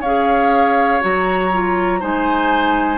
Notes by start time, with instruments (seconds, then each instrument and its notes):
0.00 bassoon C#4, clarinet G#4, oboe C#5, flute F5
1.00 bassoon F#3, clarinet F#4, flute A#5
1.52 clarinet F4
1.99 bassoon G#3, clarinet D#4, oboe C5, flute G#5